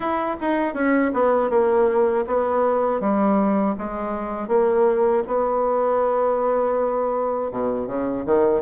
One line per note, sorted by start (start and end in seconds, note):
0.00 0.36 E4
0.40 0.74 D#4
0.74 1.11 C#4
1.13 1.50 B3
1.50 2.25 A#3
2.26 3.00 B3
3.00 3.75 G3
3.78 4.48 G#3
4.48 5.23 A#3
5.27 7.51 B3
7.51 7.86 B2
7.86 8.24 C#3
8.25 8.61 D#3